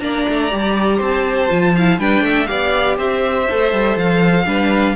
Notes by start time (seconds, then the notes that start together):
0.00 A#3 D4 D5 A#5
0.29 A3
0.51 G3 G4
0.97 C4 C5 A5
1.49 F3 F4
1.75 E4 F5
1.99 G3 D4 B4 G5
2.21 A3 E5
2.46 B3 G4 D5 F5
2.97 C4 C5 E5
3.50 A3 A4
3.73 G3
3.97 F3 F5
4.46 G3 D4 B4